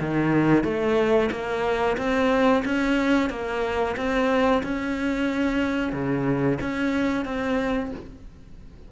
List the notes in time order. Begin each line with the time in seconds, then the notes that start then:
0.00 D#3
0.63 A3
1.31 A#3
1.97 C4
2.65 C#4
3.29 A#3
3.96 C4
4.63 C#4
5.92 C#3
6.61 C#4
7.25 C4